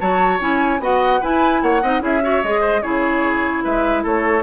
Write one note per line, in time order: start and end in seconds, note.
0.00 0.40 F#3
0.00 0.40 F#4
0.00 0.82 C#5
0.00 0.41 A5
0.40 0.79 C#4
0.40 0.80 E4
0.40 0.82 G#5
0.79 1.20 B3
0.79 1.21 F#4
0.79 1.21 D#5
0.79 1.23 F#5
1.21 1.82 E4
1.21 1.62 E4
1.21 1.61 B4
1.21 1.62 G#5
1.62 1.83 A#3
1.62 1.82 C#5
1.62 2.03 F#5
1.82 2.01 C4
1.82 2.00 D#4
1.82 2.03 D#5
2.00 2.42 C#4
2.00 2.21 E4
2.00 2.23 G#4
2.00 2.44 E5
2.22 2.43 F#4
2.22 2.61 C#5
2.44 2.83 G#3
2.44 2.83 G#4
2.44 2.83 D#5
2.61 2.81 C5
2.83 3.64 C#3
2.83 4.43 E4
2.83 3.64 G#4
2.83 3.64 C#5
3.64 4.05 G#3
3.64 4.03 B4
3.64 4.05 E5
4.03 4.43 A3
4.03 4.43 A4
4.03 4.43 C#5